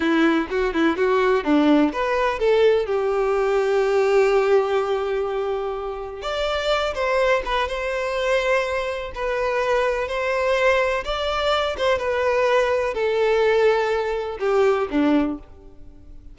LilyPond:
\new Staff \with { instrumentName = "violin" } { \time 4/4 \tempo 4 = 125 e'4 fis'8 e'8 fis'4 d'4 | b'4 a'4 g'2~ | g'1~ | g'4 d''4. c''4 b'8 |
c''2. b'4~ | b'4 c''2 d''4~ | d''8 c''8 b'2 a'4~ | a'2 g'4 d'4 | }